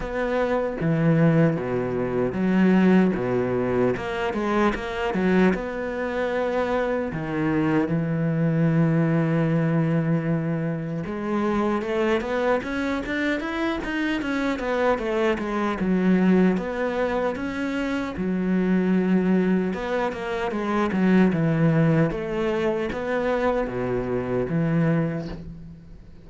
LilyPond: \new Staff \with { instrumentName = "cello" } { \time 4/4 \tempo 4 = 76 b4 e4 b,4 fis4 | b,4 ais8 gis8 ais8 fis8 b4~ | b4 dis4 e2~ | e2 gis4 a8 b8 |
cis'8 d'8 e'8 dis'8 cis'8 b8 a8 gis8 | fis4 b4 cis'4 fis4~ | fis4 b8 ais8 gis8 fis8 e4 | a4 b4 b,4 e4 | }